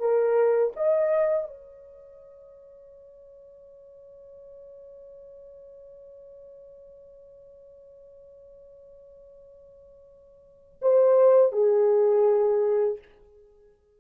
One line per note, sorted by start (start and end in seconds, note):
0.00 0.73 A#4
0.76 1.48 D#5
1.48 10.81 C#5
10.82 11.53 C5
11.53 12.99 G#4